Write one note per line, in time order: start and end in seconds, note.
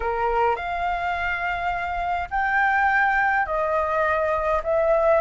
0.00 0.55 A#4
0.55 2.28 F5
2.30 3.46 G5
3.46 4.61 D#5
4.63 5.21 E5